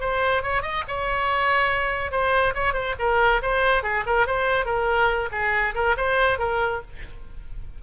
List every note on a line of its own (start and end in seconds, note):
0.00 0.42 C5
0.42 0.62 C#5
0.62 0.83 D#5
0.87 2.11 C#5
2.11 2.54 C5
2.54 2.73 C#5
2.73 2.95 C5
2.99 3.41 A#4
3.42 3.83 C5
3.83 4.04 G#4
4.06 4.26 A#4
4.26 4.65 C5
4.65 5.29 A#4
5.32 5.74 G#4
5.74 5.96 A#4
5.97 6.38 C5
6.38 6.81 A#4